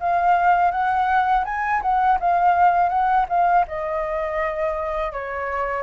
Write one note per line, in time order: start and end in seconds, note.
0.00 0.71 F5
0.71 1.44 F#5
1.45 1.81 G#5
1.82 2.18 F#5
2.20 2.89 F5
2.89 3.26 F#5
3.28 3.65 F5
3.67 5.12 D#5
5.12 5.82 C#5